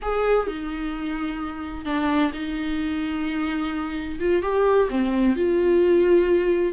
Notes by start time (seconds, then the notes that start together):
0.02 G#4
0.47 D#4
1.85 D4
2.33 D#4
4.19 F4
4.42 G4
4.89 C4
5.36 F4